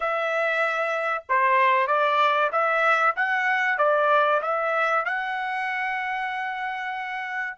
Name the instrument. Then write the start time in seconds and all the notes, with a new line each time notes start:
trumpet
0.00 E5
1.28 C5
1.87 D5
2.51 E5
3.16 F#5
3.78 D5
4.42 E5
5.05 F#5